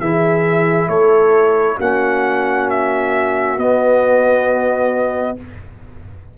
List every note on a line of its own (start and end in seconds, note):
0.00 0.88 E3
0.00 1.79 E4
0.00 0.90 G#4
0.00 0.89 E5
0.88 1.77 A3
0.88 1.78 A4
0.88 1.78 C#5
1.78 3.57 A#3
1.78 3.59 C#4
1.78 5.36 F#4
1.78 2.70 F#5
2.70 3.59 E5
3.57 5.37 B3
3.57 5.38 B3
3.57 5.38 D#5